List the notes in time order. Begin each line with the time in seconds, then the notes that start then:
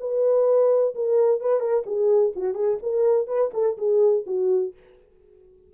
0.00 B4
0.95 A#4
1.41 B4
1.60 A#4
1.86 G#4
2.36 F#4
2.54 G#4
2.82 A#4
3.27 B4
3.54 A4
3.78 G#4
4.26 F#4